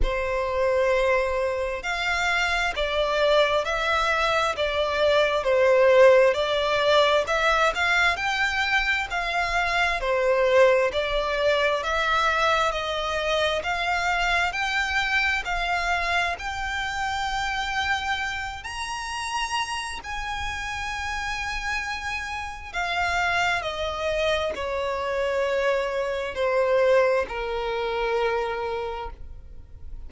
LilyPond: \new Staff \with { instrumentName = "violin" } { \time 4/4 \tempo 4 = 66 c''2 f''4 d''4 | e''4 d''4 c''4 d''4 | e''8 f''8 g''4 f''4 c''4 | d''4 e''4 dis''4 f''4 |
g''4 f''4 g''2~ | g''8 ais''4. gis''2~ | gis''4 f''4 dis''4 cis''4~ | cis''4 c''4 ais'2 | }